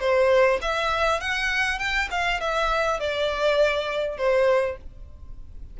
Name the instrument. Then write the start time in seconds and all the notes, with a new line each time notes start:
violin
0.00 C5
0.62 E5
1.20 F#5
1.79 G5
2.11 F5
2.40 E5
3.00 D5
4.18 C5